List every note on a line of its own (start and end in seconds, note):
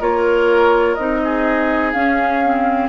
0.00 0.97 A#3
0.00 0.97 F4
0.00 1.21 A#4
0.00 0.95 C#5
0.95 1.94 C4
0.95 1.95 D#4
0.95 1.92 D#5
1.24 2.89 G#4
1.93 2.89 C#4
1.93 2.43 C#4
1.93 2.89 F5
2.44 2.89 C4